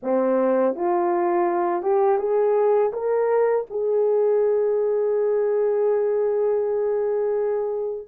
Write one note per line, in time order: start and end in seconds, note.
0.03 0.75 C4
0.75 1.82 F4
1.82 2.18 G4
2.18 2.91 G#4
2.93 3.66 A#4
3.70 8.07 G#4